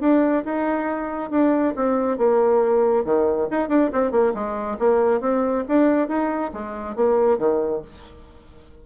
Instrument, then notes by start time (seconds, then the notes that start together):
bassoon
0.00 D4
0.44 D#4
1.31 D4
1.76 C4
2.18 A#3
3.05 D#3
3.51 D#4
3.69 D4
3.92 C4
4.11 A#3
4.34 G#3
4.79 A#3
5.21 C4
5.68 D4
6.08 D#4
6.53 G#3
6.96 A#3
7.38 D#3